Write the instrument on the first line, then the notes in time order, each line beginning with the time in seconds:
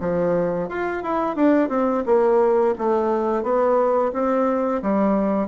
bassoon
0.00 F3
0.69 F4
1.03 E4
1.36 D4
1.69 C4
2.06 A#3
2.78 A3
3.43 B3
4.13 C4
4.82 G3